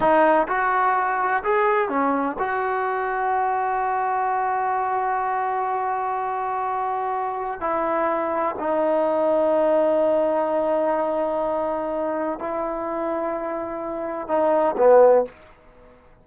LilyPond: \new Staff \with { instrumentName = "trombone" } { \time 4/4 \tempo 4 = 126 dis'4 fis'2 gis'4 | cis'4 fis'2.~ | fis'1~ | fis'1 |
e'2 dis'2~ | dis'1~ | dis'2 e'2~ | e'2 dis'4 b4 | }